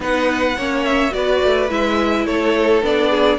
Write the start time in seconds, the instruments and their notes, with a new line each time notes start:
0.00 cello B3, viola D#4, violin B4 F#5
0.56 cello A#3, viola C#4, violin C#5
0.85 violin E5
1.11 cello B3, viola F#4, violin B4 D5
1.42 cello A3
1.69 cello G#3, viola E4, violin E5
2.25 cello A3, violin A4 C#5
2.82 cello B3, viola D4, violin D5
3.10 violin G#4